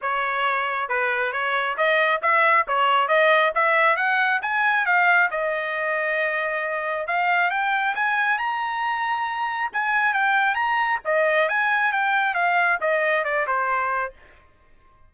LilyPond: \new Staff \with { instrumentName = "trumpet" } { \time 4/4 \tempo 4 = 136 cis''2 b'4 cis''4 | dis''4 e''4 cis''4 dis''4 | e''4 fis''4 gis''4 f''4 | dis''1 |
f''4 g''4 gis''4 ais''4~ | ais''2 gis''4 g''4 | ais''4 dis''4 gis''4 g''4 | f''4 dis''4 d''8 c''4. | }